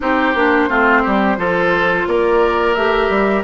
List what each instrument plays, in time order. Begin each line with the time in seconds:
0.00 bassoon C4, clarinet D#4, oboe G4, flute C5
0.34 bassoon A#3, clarinet D4
0.69 bassoon A3, clarinet C4, oboe F4
1.02 bassoon G3, oboe G4
1.37 bassoon F3, clarinet F4, oboe A4
2.06 bassoon A#3, oboe A#4, flute D5
2.74 bassoon A3, clarinet G4, flute E5
3.09 bassoon G3